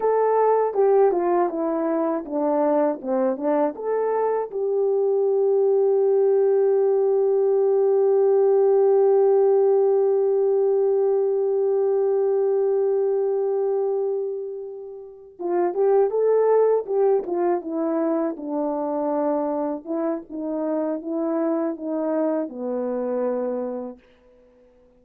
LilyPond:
\new Staff \with { instrumentName = "horn" } { \time 4/4 \tempo 4 = 80 a'4 g'8 f'8 e'4 d'4 | c'8 d'8 a'4 g'2~ | g'1~ | g'1~ |
g'1~ | g'8 f'8 g'8 a'4 g'8 f'8 e'8~ | e'8 d'2 e'8 dis'4 | e'4 dis'4 b2 | }